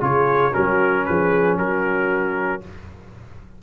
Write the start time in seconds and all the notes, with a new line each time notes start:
0.00 C#3 F4 G#4 C#5
0.51 F#3 C#4 F#4 A#4
1.05 F3 G#4 B4
1.58 F#3 F#4 A#4